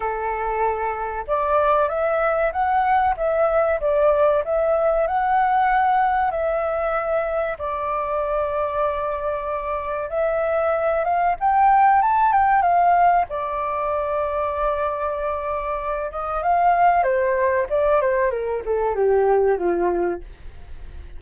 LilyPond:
\new Staff \with { instrumentName = "flute" } { \time 4/4 \tempo 4 = 95 a'2 d''4 e''4 | fis''4 e''4 d''4 e''4 | fis''2 e''2 | d''1 |
e''4. f''8 g''4 a''8 g''8 | f''4 d''2.~ | d''4. dis''8 f''4 c''4 | d''8 c''8 ais'8 a'8 g'4 f'4 | }